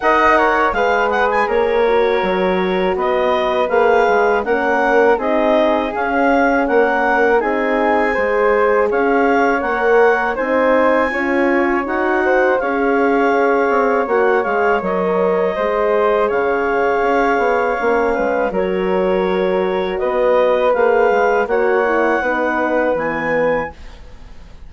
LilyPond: <<
  \new Staff \with { instrumentName = "clarinet" } { \time 4/4 \tempo 4 = 81 fis''4 f''8 fis''16 gis''16 cis''2 | dis''4 f''4 fis''4 dis''4 | f''4 fis''4 gis''2 | f''4 fis''4 gis''2 |
fis''4 f''2 fis''8 f''8 | dis''2 f''2~ | f''4 cis''2 dis''4 | f''4 fis''2 gis''4 | }
  \new Staff \with { instrumentName = "flute" } { \time 4/4 dis''8 cis''8 b'4 ais'2 | b'2 ais'4 gis'4~ | gis'4 ais'4 gis'4 c''4 | cis''2 c''4 cis''4~ |
cis''8 c''8 cis''2.~ | cis''4 c''4 cis''2~ | cis''8 b'8 ais'2 b'4~ | b'4 cis''4 b'2 | }
  \new Staff \with { instrumentName = "horn" } { \time 4/4 ais'4 gis'4. fis'4.~ | fis'4 gis'4 cis'4 dis'4 | cis'2 dis'4 gis'4~ | gis'4 ais'4 dis'4 f'4 |
fis'4 gis'2 fis'8 gis'8 | ais'4 gis'2. | cis'4 fis'2. | gis'4 fis'8 e'8 dis'4 b4 | }
  \new Staff \with { instrumentName = "bassoon" } { \time 4/4 dis'4 gis4 ais4 fis4 | b4 ais8 gis8 ais4 c'4 | cis'4 ais4 c'4 gis4 | cis'4 ais4 c'4 cis'4 |
dis'4 cis'4. c'8 ais8 gis8 | fis4 gis4 cis4 cis'8 b8 | ais8 gis8 fis2 b4 | ais8 gis8 ais4 b4 e4 | }
>>